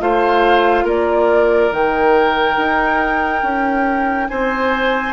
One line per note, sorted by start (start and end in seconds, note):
0.00 0.84 A3
0.00 1.71 F4
0.00 0.85 C5
0.00 0.87 F5
0.84 1.70 A#3
0.84 4.28 A#4
0.84 1.73 D5
1.71 2.57 D#3
1.71 5.14 D#4
1.71 4.29 G5
2.57 3.43 D#4
3.43 4.29 C#4
4.29 5.14 C4
4.29 5.14 C5
4.29 5.14 G#5